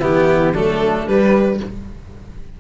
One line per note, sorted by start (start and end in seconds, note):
0.00 0.54 E3
0.00 0.54 B3
0.00 0.53 E4
0.00 0.55 G4
0.54 1.06 F#3
0.54 1.07 A3
0.54 1.59 D4
0.54 1.08 A4
1.07 1.60 G3
1.07 1.61 B4